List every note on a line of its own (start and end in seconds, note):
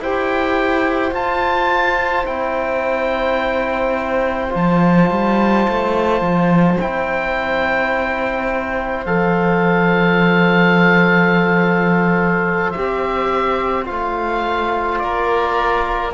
0.00 1.11 E4
0.00 1.13 G4
0.00 15.02 C5
0.00 1.15 G5
1.11 2.25 F4
1.11 2.26 A5
2.25 4.54 C4
2.25 4.49 E4
2.25 4.53 G5
4.49 5.11 F3
4.49 6.76 F4
4.56 6.81 A5
5.11 5.67 G3
5.69 6.21 A3
6.21 6.78 F3
6.80 9.06 C4
6.80 9.07 E4
6.80 9.06 G5
9.06 12.74 F3
9.06 12.75 A4
9.06 12.71 F5
12.71 13.85 G4
12.71 13.84 E5
12.78 13.90 C4
13.85 15.03 A3
13.85 16.11 F4
13.85 14.99 F5
14.99 16.14 A#3
14.99 16.14 A#4
14.99 16.12 D5